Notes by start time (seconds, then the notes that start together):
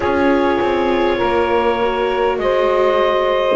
0.00 C#4 F4 G#4 C#5
0.60 C4
1.17 A#3 A#4
1.80 F#4
2.38 G#3 C5 D#5